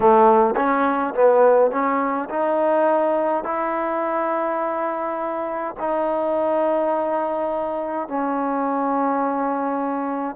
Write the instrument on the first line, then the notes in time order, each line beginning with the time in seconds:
trombone
0.00 A3
0.56 C#4
1.14 B3
1.70 C#4
2.29 D#4
3.44 E4
5.79 D#4
8.08 C#4